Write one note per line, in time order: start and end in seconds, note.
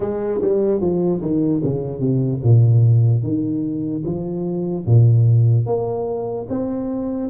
0.00 0.41 G#3
0.41 0.80 G3
0.80 1.21 F3
1.21 1.62 D#3
1.63 2.00 C#3
2.00 2.40 C3
2.43 3.22 A#2
3.22 4.03 D#3
4.04 4.85 F3
4.86 5.66 A#2
5.66 6.47 A#3
6.49 7.30 C4